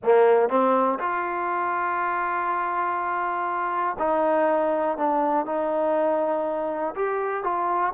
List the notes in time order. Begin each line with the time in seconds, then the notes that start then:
0.03 A#3
0.49 C4
0.99 F4
3.98 D#4
4.97 D4
5.45 D#4
6.95 G4
7.43 F4